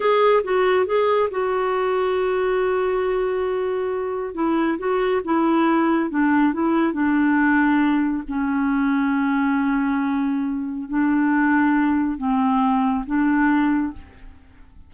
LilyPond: \new Staff \with { instrumentName = "clarinet" } { \time 4/4 \tempo 4 = 138 gis'4 fis'4 gis'4 fis'4~ | fis'1~ | fis'2 e'4 fis'4 | e'2 d'4 e'4 |
d'2. cis'4~ | cis'1~ | cis'4 d'2. | c'2 d'2 | }